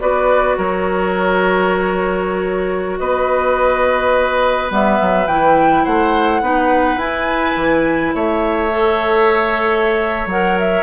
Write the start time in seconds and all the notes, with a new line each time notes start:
0.00 B3 F#4 B4 D5
0.58 F#3 A#4 C#5
2.99 B3 B4 D#5
4.70 G3 B3 E5
5.01 F#3
5.27 E3 E4 G5
5.84 A3 C5 F#5
6.41 B3 D#4 B4
6.97 E4 G#5
7.56 E3
8.15 A3 C#5 E5
8.70 A4
10.26 F#3 A#4 F#5
10.59 E5